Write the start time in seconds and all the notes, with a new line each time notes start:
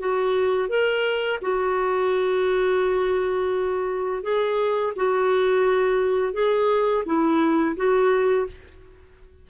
0.00 F#4
0.69 A#4
1.42 F#4
4.23 G#4
4.97 F#4
6.34 G#4
7.06 E4
7.77 F#4